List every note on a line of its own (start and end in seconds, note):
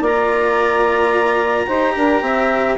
0.00 1.66 A#3
0.00 1.67 F4
0.00 1.65 D5
0.00 2.77 A#5
1.66 1.96 D#4
1.66 2.77 G4
1.66 1.94 C5
1.95 2.21 D4
1.95 2.22 A#4
2.21 2.76 C4
2.21 2.77 E5